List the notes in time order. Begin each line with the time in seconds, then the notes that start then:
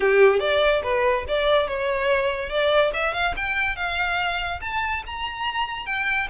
0.00 G4
0.39 D5
0.83 B4
1.28 D5
1.67 C#5
2.49 D5
2.93 E5
3.13 F5
3.36 G5
3.76 F5
4.61 A5
5.06 A#5
5.86 G5